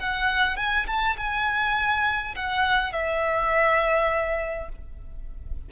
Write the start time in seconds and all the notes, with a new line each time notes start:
0.00 F#5
0.57 G#5
0.88 A5
1.18 G#5
2.36 F#5
2.93 E5